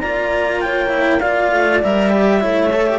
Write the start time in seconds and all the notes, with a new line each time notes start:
0.00 A#3 F4 D5 A#5
0.60 C#5 G5
0.89 E4
1.19 F4 D5 F5
1.52 A3
1.83 G3 A#4 E5
2.10 G4
2.40 A3 E4 C#5
2.73 A4
2.86 G4